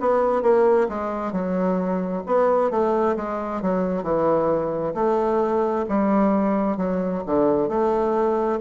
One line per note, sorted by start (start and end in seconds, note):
0.00 0.42 B3
0.42 0.88 A#3
0.88 1.32 G#3
1.32 2.23 F#3
2.26 2.70 B3
2.70 3.16 A3
3.16 3.62 G#3
3.62 4.03 F#3
4.03 4.94 E3
4.94 5.85 A3
5.88 6.77 G3
6.77 7.22 F#3
7.26 7.69 D3
7.69 8.60 A3